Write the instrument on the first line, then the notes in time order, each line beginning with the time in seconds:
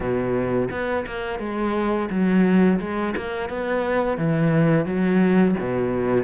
cello
0.00 B2
0.70 B3
1.06 A#3
1.39 G#3
2.10 F#3
2.80 G#3
3.16 A#3
3.49 B3
4.17 E3
4.85 F#3
5.59 B2